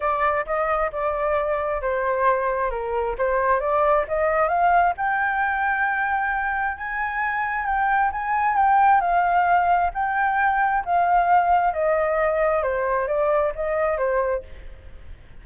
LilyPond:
\new Staff \with { instrumentName = "flute" } { \time 4/4 \tempo 4 = 133 d''4 dis''4 d''2 | c''2 ais'4 c''4 | d''4 dis''4 f''4 g''4~ | g''2. gis''4~ |
gis''4 g''4 gis''4 g''4 | f''2 g''2 | f''2 dis''2 | c''4 d''4 dis''4 c''4 | }